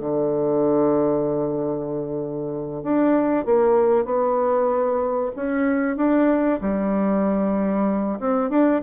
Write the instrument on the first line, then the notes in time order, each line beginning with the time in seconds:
bassoon
0.00 D3
2.83 D4
3.46 A#3
4.05 B3
5.36 C#4
5.97 D4
6.61 G3
8.20 C4
8.50 D4